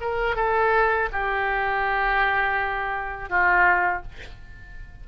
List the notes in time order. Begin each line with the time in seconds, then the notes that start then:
0.00 A#4
0.35 A4
1.12 G4
3.29 F4